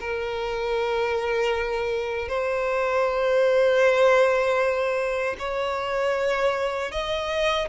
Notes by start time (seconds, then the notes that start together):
0.00 A#4
2.28 C5
5.39 C#5
6.92 D#5